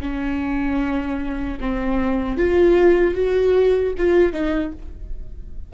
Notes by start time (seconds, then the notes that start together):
0.00 C#4
1.60 C4
2.37 F4
3.14 F#4
3.98 F4
4.32 D#4